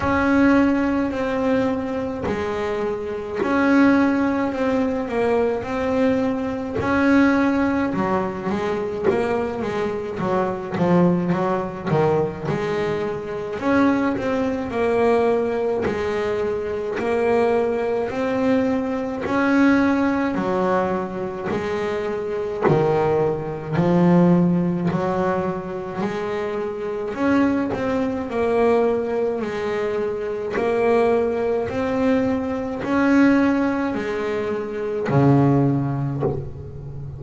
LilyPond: \new Staff \with { instrumentName = "double bass" } { \time 4/4 \tempo 4 = 53 cis'4 c'4 gis4 cis'4 | c'8 ais8 c'4 cis'4 fis8 gis8 | ais8 gis8 fis8 f8 fis8 dis8 gis4 | cis'8 c'8 ais4 gis4 ais4 |
c'4 cis'4 fis4 gis4 | dis4 f4 fis4 gis4 | cis'8 c'8 ais4 gis4 ais4 | c'4 cis'4 gis4 cis4 | }